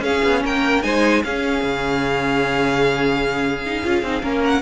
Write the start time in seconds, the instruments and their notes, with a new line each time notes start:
0.00 cello C#4, violin G#4 F5
0.06 viola C#4
0.24 cello B3
0.45 cello A#3, violin A#4 G5
0.83 cello G#3, viola D#4, violin C5 G#5
1.24 cello C#4, viola C#4, violin G#4 F5
1.64 cello C#3
3.66 viola D#4
3.84 cello C#4, viola F4
4.03 cello C4, viola D#4
4.22 cello A#3, viola C#4, violin A#4
4.45 violin F#5